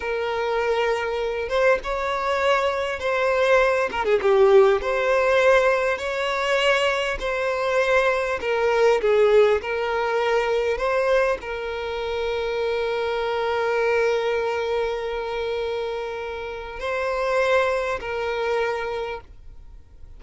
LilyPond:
\new Staff \with { instrumentName = "violin" } { \time 4/4 \tempo 4 = 100 ais'2~ ais'8 c''8 cis''4~ | cis''4 c''4. ais'16 gis'16 g'4 | c''2 cis''2 | c''2 ais'4 gis'4 |
ais'2 c''4 ais'4~ | ais'1~ | ais'1 | c''2 ais'2 | }